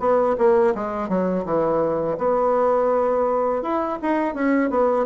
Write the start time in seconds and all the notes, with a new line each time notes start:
0.00 B3
0.38 A#3
0.75 G#3
1.09 F#3
1.46 E3
2.18 B3
3.63 E4
4.02 D#4
4.35 C#4
4.70 B3